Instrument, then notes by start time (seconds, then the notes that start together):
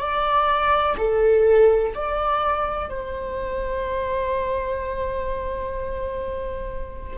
viola
0.00 D5
0.98 A4
1.94 D5
2.90 C5